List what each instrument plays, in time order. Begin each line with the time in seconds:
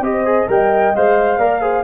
0.00 tuba C4, trombone G4, horn C5, flute D#5
0.25 trombone G#4
0.48 tuba G3, trombone A#4, horn D#5, flute G5
0.95 tuba G#3, trombone C5, flute F5
1.37 tuba A#3, trombone A#4, horn D5
1.61 trombone G#4, horn C5